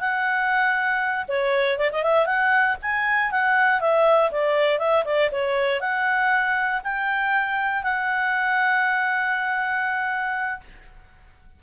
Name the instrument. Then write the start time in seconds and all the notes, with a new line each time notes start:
clarinet
0.00 F#5
1.28 C#5
1.78 D5
1.92 D#5
2.03 E5
2.26 F#5
2.82 G#5
3.31 F#5
3.81 E5
4.31 D5
4.79 E5
5.05 D5
5.32 C#5
5.80 F#5
6.84 G5
7.83 F#5